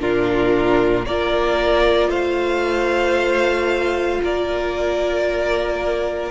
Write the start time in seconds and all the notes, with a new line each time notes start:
0.00 A#2 D4 F4 A#4
1.06 A#3 F4 A#4 D5
2.09 A3 C5 F5
4.23 A#3 A#4 D5